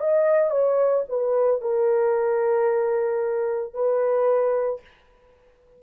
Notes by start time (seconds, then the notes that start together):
0.00 D#5
0.51 C#5
1.09 B4
1.61 A#4
3.74 B4